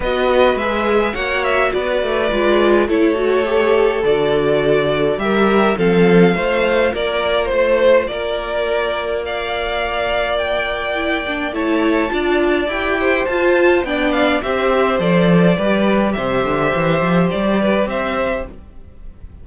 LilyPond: <<
  \new Staff \with { instrumentName = "violin" } { \time 4/4 \tempo 4 = 104 dis''4 e''4 fis''8 e''8 d''4~ | d''4 cis''2 d''4~ | d''4 e''4 f''2 | d''4 c''4 d''2 |
f''2 g''2 | a''2 g''4 a''4 | g''8 f''8 e''4 d''2 | e''2 d''4 e''4 | }
  \new Staff \with { instrumentName = "violin" } { \time 4/4 b'2 cis''4 b'4~ | b'4 a'2.~ | a'4 ais'4 a'4 c''4 | ais'4 c''4 ais'2 |
d''1 | cis''4 d''4. c''4. | d''4 c''2 b'4 | c''2~ c''8 b'8 c''4 | }
  \new Staff \with { instrumentName = "viola" } { \time 4/4 fis'4 gis'4 fis'2 | f'4 e'8 fis'8 g'4 fis'4~ | fis'4 g'4 c'4 f'4~ | f'1~ |
f'2. e'8 d'8 | e'4 f'4 g'4 f'4 | d'4 g'4 a'4 g'4~ | g'1 | }
  \new Staff \with { instrumentName = "cello" } { \time 4/4 b4 gis4 ais4 b8 a8 | gis4 a2 d4~ | d4 g4 f4 a4 | ais4 a4 ais2~ |
ais1 | a4 d'4 e'4 f'4 | b4 c'4 f4 g4 | c8 d8 e8 f8 g4 c'4 | }
>>